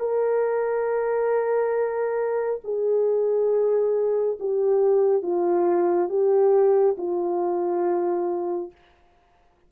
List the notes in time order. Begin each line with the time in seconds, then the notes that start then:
0.00 A#4
2.65 G#4
4.40 G4
5.23 F4
6.10 G4
6.98 F4